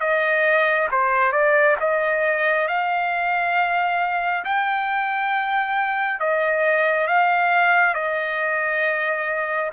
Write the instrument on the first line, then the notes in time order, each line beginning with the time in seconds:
trumpet
0.00 D#5
0.91 C5
1.32 D5
1.80 D#5
2.68 F5
4.45 G5
6.20 D#5
7.07 F5
7.94 D#5